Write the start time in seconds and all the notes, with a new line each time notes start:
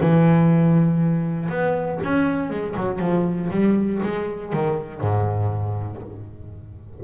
0.00 E3
1.49 B3
2.03 C#4
2.50 G#3
2.76 F#3
2.99 F3
3.50 G3
4.02 G#3
4.52 D#3
5.01 G#2